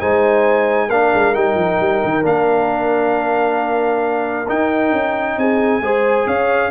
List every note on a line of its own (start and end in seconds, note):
0.00 0.90 G#3
0.00 0.90 D#4
0.00 0.89 C5
0.00 0.90 G#5
0.89 1.12 A#3
0.89 1.35 D4
0.89 5.37 A#4
0.89 1.35 F5
1.14 1.36 G#3
1.35 1.55 G3
1.35 2.22 D#4
1.35 2.24 G5
1.55 1.77 F3
1.80 2.03 G3
2.04 2.24 D#3
2.22 4.48 A#3
2.22 4.46 D4
2.22 4.50 F5
4.48 5.82 D#4
4.48 4.93 D#4
4.48 5.39 G5
4.93 5.37 C#4
5.38 5.81 C4
5.38 5.83 G#4
5.38 6.28 G#5
5.81 6.26 G#3
5.81 6.71 G#4
5.81 6.28 C5
6.27 6.71 C#4
6.27 6.71 C#5
6.27 6.71 F5